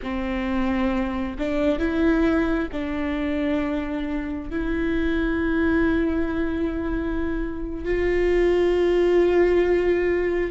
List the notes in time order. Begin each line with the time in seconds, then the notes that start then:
0.02 C4
1.38 D4
1.78 E4
2.72 D4
4.50 E4
7.84 F4